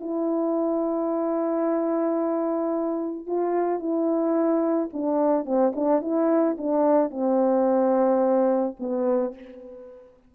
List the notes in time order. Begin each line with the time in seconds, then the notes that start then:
0.00 E4
3.27 F4
3.79 E4
4.93 D4
5.45 C4
5.75 D4
6.02 E4
6.58 D4
7.10 C4
8.79 B3